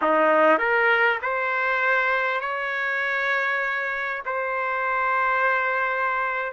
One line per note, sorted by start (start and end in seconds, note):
0.01 0.58 D#4
0.58 1.18 A#4
1.21 2.40 C5
2.40 4.22 C#5
4.25 6.52 C5